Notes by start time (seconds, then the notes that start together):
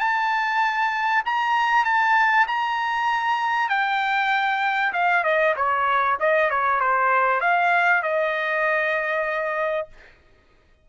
0.00 A5
1.26 A#5
1.85 A5
2.48 A#5
3.69 G5
4.93 F5
5.24 D#5
5.57 C#5
6.20 D#5
6.51 C#5
6.80 C5
7.41 F5
8.03 D#5